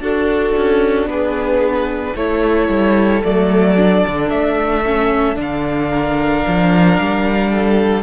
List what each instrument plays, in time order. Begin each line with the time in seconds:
0.00 cello D4, viola D4, violin F#4 A4
0.57 cello C#4
1.06 cello B3, violin G#4 B4
2.16 cello A3, viola E4, violin A4 C#5
2.69 cello G3
3.24 cello F#3, viola A3, violin D5
3.77 viola D4
4.07 cello D3
4.30 cello A3, violin E5
4.85 viola C#4
5.35 cello D3, viola D4, violin F5
5.90 violin A#4
6.47 cello F3
6.99 cello G3
7.50 violin A4